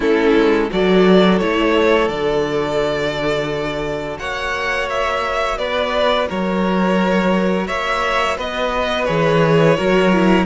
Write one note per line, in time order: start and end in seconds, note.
0.00 0.33 A3
0.00 0.69 C#4
0.00 0.70 E4
0.00 0.70 A4
0.35 0.70 G#3
0.69 1.41 F#3
0.69 1.39 F#4
0.69 4.19 A4
0.69 1.38 D5
1.38 2.08 A3
1.38 2.09 E4
1.38 2.08 C#5
2.08 4.18 D3
2.08 9.06 F#4
2.08 4.17 D5
4.18 5.57 A#3
4.18 5.58 C#5
4.18 4.88 F#5
4.89 5.57 E5
5.57 6.27 B3
5.57 6.28 B4
5.57 6.27 D5
6.28 7.68 F#3
6.28 7.67 A#4
6.28 7.67 C#5
7.67 8.38 A#3
7.67 8.37 C#5
7.67 8.36 E5
8.37 9.07 B3
8.37 9.76 B4
8.37 9.05 D#5
9.05 9.78 E3
9.05 9.76 G#4
9.05 10.44 C#5
9.76 10.46 F#3
9.76 10.12 F#4
9.76 10.46 A#4
10.12 10.46 E4